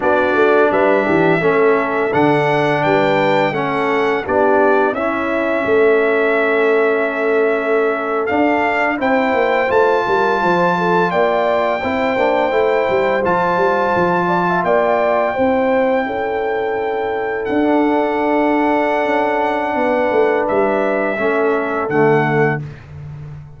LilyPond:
<<
  \new Staff \with { instrumentName = "trumpet" } { \time 4/4 \tempo 4 = 85 d''4 e''2 fis''4 | g''4 fis''4 d''4 e''4~ | e''2.~ e''8. f''16~ | f''8. g''4 a''2 g''16~ |
g''2~ g''8. a''4~ a''16~ | a''8. g''2.~ g''16~ | g''8. fis''2.~ fis''16~ | fis''4 e''2 fis''4 | }
  \new Staff \with { instrumentName = "horn" } { \time 4/4 fis'4 b'8 g'8 a'2 | b'4 a'4 g'4 e'4 | a'1~ | a'8. c''4. ais'8 c''8 a'8 d''16~ |
d''8. c''2.~ c''16~ | c''16 d''16 e''16 d''4 c''4 a'4~ a'16~ | a'1 | b'2 a'2 | }
  \new Staff \with { instrumentName = "trombone" } { \time 4/4 d'2 cis'4 d'4~ | d'4 cis'4 d'4 cis'4~ | cis'2.~ cis'8. d'16~ | d'8. e'4 f'2~ f'16~ |
f'8. e'8 d'8 e'4 f'4~ f'16~ | f'4.~ f'16 e'2~ e'16~ | e'4 d'2.~ | d'2 cis'4 a4 | }
  \new Staff \with { instrumentName = "tuba" } { \time 4/4 b8 a8 g8 e8 a4 d4 | g4 a4 b4 cis'4 | a2.~ a8. d'16~ | d'8. c'8 ais8 a8 g8 f4 ais16~ |
ais8. c'8 ais8 a8 g8 f8 g8 f16~ | f8. ais4 c'4 cis'4~ cis'16~ | cis'8. d'2~ d'16 cis'4 | b8 a8 g4 a4 d4 | }
>>